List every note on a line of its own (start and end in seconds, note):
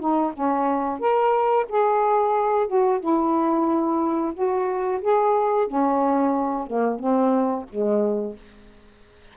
0.00 0.33 D#4
0.34 1.00 C#4
1.00 1.67 A#4
1.69 2.68 G#4
2.68 3.01 F#4
3.01 4.34 E4
4.35 5.01 F#4
5.02 5.68 G#4
5.68 6.68 C#4
6.68 6.99 A#3
6.99 7.66 C4
7.70 8.37 G#3